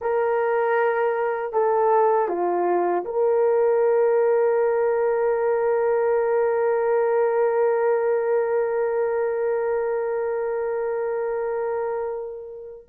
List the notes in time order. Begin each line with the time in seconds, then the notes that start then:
0.01 A#4
1.53 A4
2.28 F4
3.04 A#4